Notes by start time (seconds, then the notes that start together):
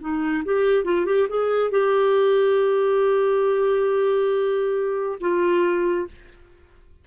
0.00 D#4
0.45 G4
0.84 F4
1.06 G4
1.28 G#4
1.71 G4
5.20 F4